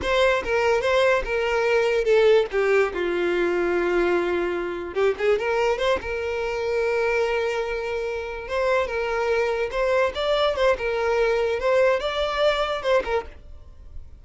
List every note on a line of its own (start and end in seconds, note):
0.02 0.43 C5
0.44 0.81 A#4
0.81 1.22 C5
1.25 2.04 A#4
2.04 2.45 A4
2.51 2.92 G4
2.93 4.94 F4
4.94 5.14 G4
5.18 5.38 G#4
5.38 5.78 A#4
5.78 5.99 C5
6.01 8.48 A#4
8.48 8.87 C5
8.87 9.69 A#4
9.71 10.12 C5
10.15 10.56 D5
10.56 10.76 C5
10.78 11.59 A#4
11.59 12.00 C5
12.00 12.82 D5
12.82 13.03 C5
13.04 13.25 A#4